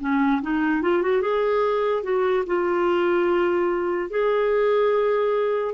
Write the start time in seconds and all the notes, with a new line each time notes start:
0.00 C#4
0.42 D#4
0.81 F4
1.02 F#4
1.21 G#4
2.02 F#4
2.46 F4
4.09 G#4